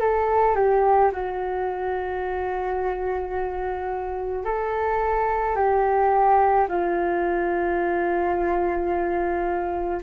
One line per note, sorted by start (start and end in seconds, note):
0.00 0.55 A4
0.55 1.11 G4
1.12 4.44 F#4
4.44 5.56 A4
5.56 6.67 G4
6.68 10.01 F4